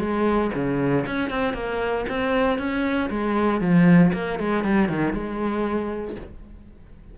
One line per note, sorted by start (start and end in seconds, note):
0.00 0.51 G#3
0.55 1.06 C#3
1.07 1.31 C#4
1.31 1.54 C4
1.54 2.06 A#3
2.09 2.59 C4
2.59 3.10 C#4
3.10 3.62 G#3
3.62 4.13 F3
4.14 4.40 A#3
4.40 4.65 G#3
4.65 4.89 G3
4.89 5.14 D#3
5.14 6.16 G#3